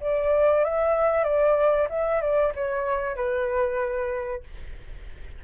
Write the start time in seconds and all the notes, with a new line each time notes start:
0.00 D5
0.64 E5
1.24 D5
1.89 E5
2.21 D5
2.55 C#5
3.16 B4